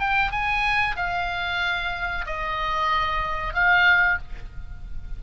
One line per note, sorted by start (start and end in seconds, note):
0.00 0.31 G5
0.31 0.96 G#5
0.96 2.25 F5
2.26 3.54 D#5
3.54 4.18 F5